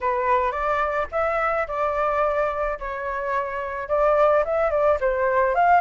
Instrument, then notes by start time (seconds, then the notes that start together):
flute
0.01 B4
0.51 D5
1.11 E5
1.67 D5
2.79 C#5
3.88 D5
4.44 E5
4.70 D5
5.00 C5
5.54 F5